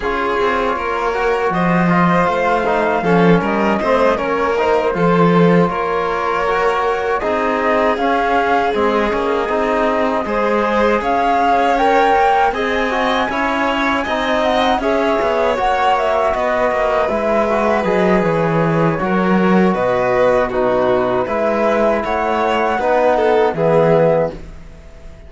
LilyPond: <<
  \new Staff \with { instrumentName = "flute" } { \time 4/4 \tempo 4 = 79 cis''2 dis''4 f''4~ | f''8 dis''4 cis''8 c''4. cis''8~ | cis''4. dis''4 f''4 dis''8~ | dis''2~ dis''8 f''4 g''8~ |
g''8 gis''2~ gis''8 fis''8 e''8~ | e''8 fis''8 e''8 dis''4 e''4 dis''8 | cis''2 dis''4 b'4 | e''4 fis''2 e''4 | }
  \new Staff \with { instrumentName = "violin" } { \time 4/4 gis'4 ais'4 c''2 | a'8 ais'8 c''8 ais'4 a'4 ais'8~ | ais'4. gis'2~ gis'8~ | gis'4. c''4 cis''4.~ |
cis''8 dis''4 cis''4 dis''4 cis''8~ | cis''4. b'2~ b'8~ | b'4 ais'4 b'4 fis'4 | b'4 cis''4 b'8 a'8 gis'4 | }
  \new Staff \with { instrumentName = "trombone" } { \time 4/4 f'4. fis'4 f'4 dis'8 | cis'4 c'8 cis'8 dis'8 f'4.~ | f'8 fis'4 dis'4 cis'4 c'8 | cis'8 dis'4 gis'2 ais'8~ |
ais'8 gis'8 fis'8 e'4 dis'4 gis'8~ | gis'8 fis'2 e'8 fis'8 gis'8~ | gis'4 fis'2 dis'4 | e'2 dis'4 b4 | }
  \new Staff \with { instrumentName = "cello" } { \time 4/4 cis'8 c'8 ais4 f4 a4 | f8 g8 a8 ais4 f4 ais8~ | ais4. c'4 cis'4 gis8 | ais8 c'4 gis4 cis'4. |
ais8 c'4 cis'4 c'4 cis'8 | b8 ais4 b8 ais8 gis4 fis8 | e4 fis4 b,2 | gis4 a4 b4 e4 | }
>>